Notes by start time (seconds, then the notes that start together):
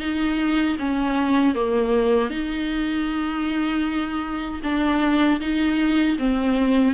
0.00 D#4
0.79 C#4
1.55 A#3
2.30 D#4
4.63 D4
5.41 D#4
6.18 C4